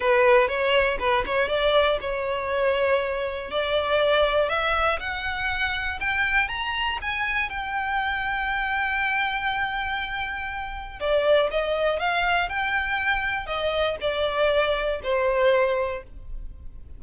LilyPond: \new Staff \with { instrumentName = "violin" } { \time 4/4 \tempo 4 = 120 b'4 cis''4 b'8 cis''8 d''4 | cis''2. d''4~ | d''4 e''4 fis''2 | g''4 ais''4 gis''4 g''4~ |
g''1~ | g''2 d''4 dis''4 | f''4 g''2 dis''4 | d''2 c''2 | }